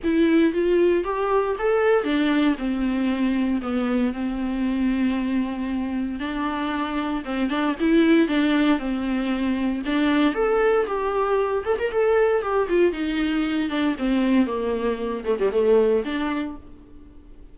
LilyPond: \new Staff \with { instrumentName = "viola" } { \time 4/4 \tempo 4 = 116 e'4 f'4 g'4 a'4 | d'4 c'2 b4 | c'1 | d'2 c'8 d'8 e'4 |
d'4 c'2 d'4 | a'4 g'4. a'16 ais'16 a'4 | g'8 f'8 dis'4. d'8 c'4 | ais4. a16 g16 a4 d'4 | }